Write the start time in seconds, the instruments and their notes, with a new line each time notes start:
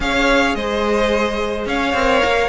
0.00 cello C#4, viola G#4, violin C#5 F5
0.54 cello G#3, violin C5 D#5
1.66 cello C#4, violin C#5 F5
1.93 cello C4, viola A#4
2.25 cello A#3